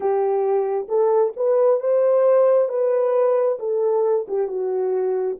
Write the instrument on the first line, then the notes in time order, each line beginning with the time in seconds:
horn
0.00 G4
0.88 A4
1.36 B4
1.80 C5
2.69 B4
3.59 A4
4.27 G4
4.47 F#4